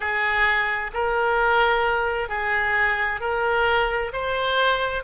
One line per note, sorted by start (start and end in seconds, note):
0.00 0.91 G#4
0.93 2.29 A#4
2.29 3.20 G#4
3.20 4.11 A#4
4.12 5.03 C5